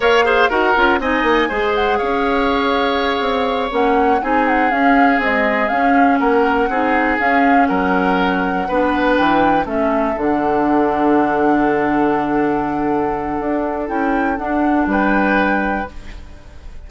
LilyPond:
<<
  \new Staff \with { instrumentName = "flute" } { \time 4/4 \tempo 4 = 121 f''4 fis''4 gis''4. fis''8 | f''2.~ f''8 fis''8~ | fis''8 gis''8 fis''8 f''4 dis''4 f''8~ | f''8 fis''2 f''4 fis''8~ |
fis''2~ fis''8 g''4 e''8~ | e''8 fis''2.~ fis''8~ | fis''1 | g''4 fis''4 g''2 | }
  \new Staff \with { instrumentName = "oboe" } { \time 4/4 cis''8 c''8 ais'4 dis''4 c''4 | cis''1~ | cis''8 gis'2.~ gis'8~ | gis'8 ais'4 gis'2 ais'8~ |
ais'4. b'2 a'8~ | a'1~ | a'1~ | a'2 b'2 | }
  \new Staff \with { instrumentName = "clarinet" } { \time 4/4 ais'8 gis'8 fis'8 f'8 dis'4 gis'4~ | gis'2.~ gis'8 cis'8~ | cis'8 dis'4 cis'4 gis4 cis'8~ | cis'4. dis'4 cis'4.~ |
cis'4. d'2 cis'8~ | cis'8 d'2.~ d'8~ | d'1 | e'4 d'2. | }
  \new Staff \with { instrumentName = "bassoon" } { \time 4/4 ais4 dis'8 cis'8 c'8 ais8 gis4 | cis'2~ cis'8 c'4 ais8~ | ais8 c'4 cis'4 c'4 cis'8~ | cis'8 ais4 c'4 cis'4 fis8~ |
fis4. b4 e4 a8~ | a8 d2.~ d8~ | d2. d'4 | cis'4 d'4 g2 | }
>>